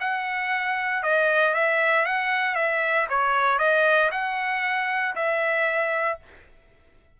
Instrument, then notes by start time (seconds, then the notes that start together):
trumpet
0.00 F#5
1.03 D#5
1.54 E5
2.05 F#5
2.55 E5
3.09 C#5
3.58 D#5
4.11 F#5
5.15 E5